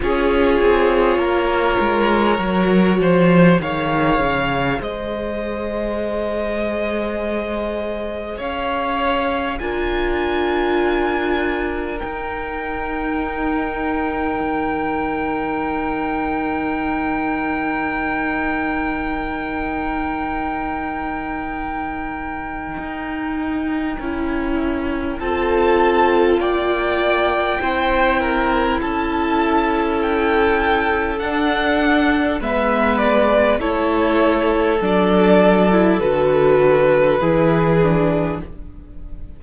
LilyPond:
<<
  \new Staff \with { instrumentName = "violin" } { \time 4/4 \tempo 4 = 50 cis''2. f''4 | dis''2. f''4 | gis''2 g''2~ | g''1~ |
g''1~ | g''4 a''4 g''2 | a''4 g''4 fis''4 e''8 d''8 | cis''4 d''4 b'2 | }
  \new Staff \with { instrumentName = "violin" } { \time 4/4 gis'4 ais'4. c''8 cis''4 | c''2. cis''4 | ais'1~ | ais'1~ |
ais'1~ | ais'4 a'4 d''4 c''8 ais'8 | a'2. b'4 | a'2. gis'4 | }
  \new Staff \with { instrumentName = "viola" } { \time 4/4 f'2 fis'4 gis'4~ | gis'1 | f'2 dis'2~ | dis'1~ |
dis'1 | e'4 f'2 e'4~ | e'2 d'4 b4 | e'4 d'8. e'16 fis'4 e'8 d'8 | }
  \new Staff \with { instrumentName = "cello" } { \time 4/4 cis'8 c'8 ais8 gis8 fis8 f8 dis8 cis8 | gis2. cis'4 | d'2 dis'2 | dis1~ |
dis2. dis'4 | cis'4 c'4 ais4 c'4 | cis'2 d'4 gis4 | a4 fis4 d4 e4 | }
>>